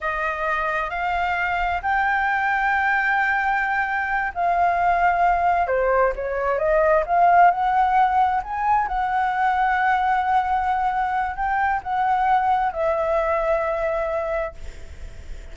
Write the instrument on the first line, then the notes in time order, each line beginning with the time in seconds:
flute
0.00 D#5
0.90 F5
1.82 G5
4.34 F5
5.67 C5
6.15 C#5
6.58 D#5
7.06 F5
7.50 F#5
8.43 G#5
8.87 F#5
11.35 G5
11.83 F#5
12.72 E5